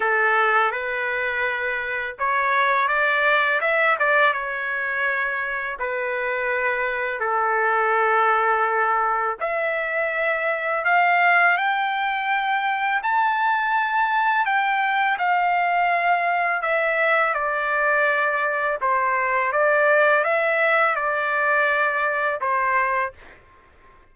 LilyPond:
\new Staff \with { instrumentName = "trumpet" } { \time 4/4 \tempo 4 = 83 a'4 b'2 cis''4 | d''4 e''8 d''8 cis''2 | b'2 a'2~ | a'4 e''2 f''4 |
g''2 a''2 | g''4 f''2 e''4 | d''2 c''4 d''4 | e''4 d''2 c''4 | }